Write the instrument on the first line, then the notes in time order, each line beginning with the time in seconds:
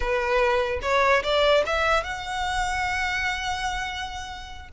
violin
0.00 B4
0.82 C#5
1.23 D5
1.66 E5
2.03 F#5